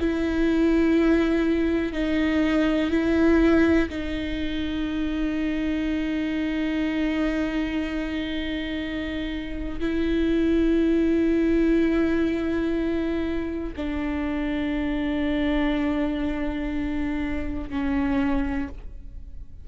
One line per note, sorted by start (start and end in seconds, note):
0.00 1.93 E4
1.93 2.91 D#4
2.91 3.89 E4
3.89 9.80 D#4
9.80 13.73 E4
13.77 17.70 D4
17.70 18.68 C#4